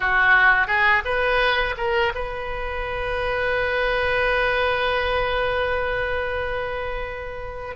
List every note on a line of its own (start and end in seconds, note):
0.00 0.67 F#4
0.67 1.02 G#4
1.04 1.75 B4
1.77 2.12 A#4
2.14 7.76 B4